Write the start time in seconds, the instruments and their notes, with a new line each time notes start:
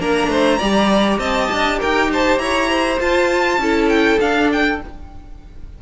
0.00 cello A#3, viola D4, violin A#4 A#5
0.28 cello A3, violin C5
0.58 cello G3, viola G4, violin D5
1.19 cello C4, violin D#5 A5
1.52 cello D4
1.79 cello D#4, violin A#4 G5
2.12 violin C5 A5
2.38 cello E4, violin C#5 A#5
2.70 violin C5
2.99 viola F4, cello F4, violin A5
3.58 cello C#4, viola E4, violin A4
3.89 violin G5
4.20 viola D4, cello D4, violin F5
4.52 violin G5